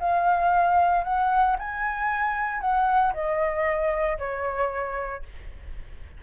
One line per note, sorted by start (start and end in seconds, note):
0.00 1.04 F5
1.05 1.57 F#5
1.59 2.61 G#5
2.61 3.13 F#5
3.14 4.18 D#5
4.19 5.23 C#5